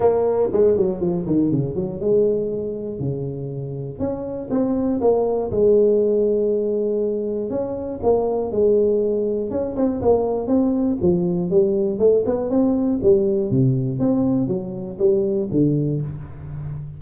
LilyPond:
\new Staff \with { instrumentName = "tuba" } { \time 4/4 \tempo 4 = 120 ais4 gis8 fis8 f8 dis8 cis8 fis8 | gis2 cis2 | cis'4 c'4 ais4 gis4~ | gis2. cis'4 |
ais4 gis2 cis'8 c'8 | ais4 c'4 f4 g4 | a8 b8 c'4 g4 c4 | c'4 fis4 g4 d4 | }